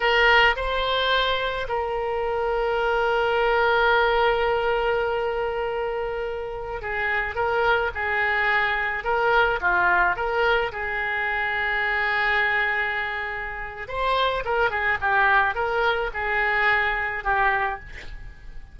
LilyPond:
\new Staff \with { instrumentName = "oboe" } { \time 4/4 \tempo 4 = 108 ais'4 c''2 ais'4~ | ais'1~ | ais'1~ | ais'16 gis'4 ais'4 gis'4.~ gis'16~ |
gis'16 ais'4 f'4 ais'4 gis'8.~ | gis'1~ | gis'4 c''4 ais'8 gis'8 g'4 | ais'4 gis'2 g'4 | }